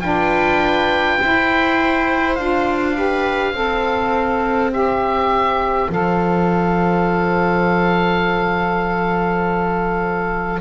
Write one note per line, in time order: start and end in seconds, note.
0.00 1.18 D4
0.00 1.19 F4
0.00 1.19 B4
0.00 2.35 G5
1.19 2.38 E4
1.19 2.37 E4
1.19 2.96 C5
2.35 3.52 D4
2.35 2.94 F4
2.35 4.70 F5
2.94 3.53 G4
2.94 3.54 B4
3.52 5.88 C4
3.52 4.71 A4
3.52 10.60 C5
4.71 5.88 G4
4.71 5.90 E5
5.89 10.60 F3
5.89 10.60 A4
5.89 10.60 F5